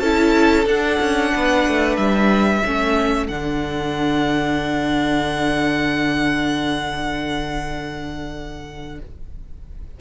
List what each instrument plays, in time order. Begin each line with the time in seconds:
0.00 cello C#4, viola E4, violin A4 A5
0.66 cello D4, viola D4, violin F#5
1.00 cello C#4
1.32 cello B3, violin B4
1.67 cello A3
1.96 cello G3, violin E5
2.63 cello A3, viola C#4, violin A4
3.28 cello D3, viola D4, violin F#5